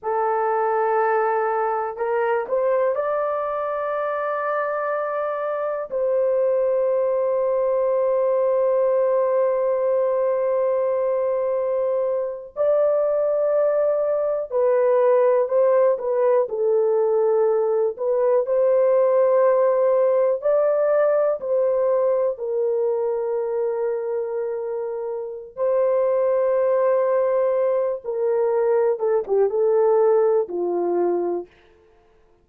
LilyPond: \new Staff \with { instrumentName = "horn" } { \time 4/4 \tempo 4 = 61 a'2 ais'8 c''8 d''4~ | d''2 c''2~ | c''1~ | c''8. d''2 b'4 c''16~ |
c''16 b'8 a'4. b'8 c''4~ c''16~ | c''8. d''4 c''4 ais'4~ ais'16~ | ais'2 c''2~ | c''8 ais'4 a'16 g'16 a'4 f'4 | }